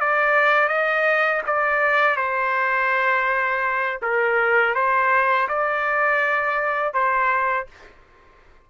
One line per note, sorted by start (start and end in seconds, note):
0.00 0.69 D5
0.69 1.42 D#5
1.47 2.17 D5
2.17 3.99 C5
4.02 4.75 A#4
4.75 5.48 C5
5.48 6.93 D5
6.93 7.67 C5